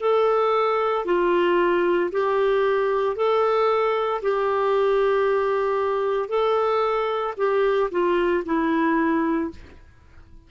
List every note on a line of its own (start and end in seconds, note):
0.00 1.05 A4
1.05 2.11 F4
2.11 3.16 G4
3.16 4.22 A4
4.22 6.29 G4
6.29 7.34 A4
7.37 7.90 G4
7.91 8.44 F4
8.45 9.50 E4